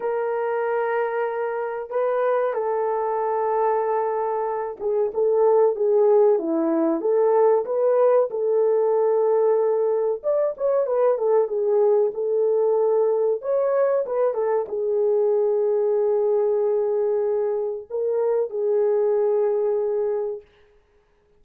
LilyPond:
\new Staff \with { instrumentName = "horn" } { \time 4/4 \tempo 4 = 94 ais'2. b'4 | a'2.~ a'8 gis'8 | a'4 gis'4 e'4 a'4 | b'4 a'2. |
d''8 cis''8 b'8 a'8 gis'4 a'4~ | a'4 cis''4 b'8 a'8 gis'4~ | gis'1 | ais'4 gis'2. | }